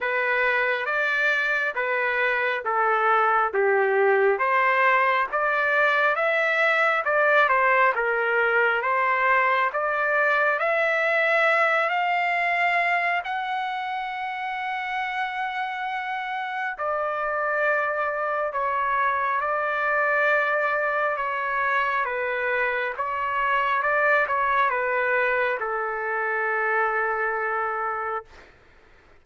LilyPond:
\new Staff \with { instrumentName = "trumpet" } { \time 4/4 \tempo 4 = 68 b'4 d''4 b'4 a'4 | g'4 c''4 d''4 e''4 | d''8 c''8 ais'4 c''4 d''4 | e''4. f''4. fis''4~ |
fis''2. d''4~ | d''4 cis''4 d''2 | cis''4 b'4 cis''4 d''8 cis''8 | b'4 a'2. | }